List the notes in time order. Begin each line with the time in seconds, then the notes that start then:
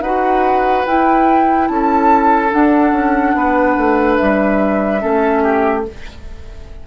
0.00 D#4 F#4 B4 F#5
0.85 E4 G5
1.68 C#4 A4 A5
2.49 D4 F#5
2.92 C#4
3.35 B3 B4
3.77 A3
4.15 E5
4.22 G3
4.99 A3 C#4 A4
5.43 G4